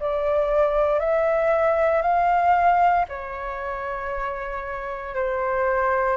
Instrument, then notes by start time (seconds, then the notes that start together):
flute
0.00 D5
1.00 E5
2.02 F5
3.09 C#5
5.15 C5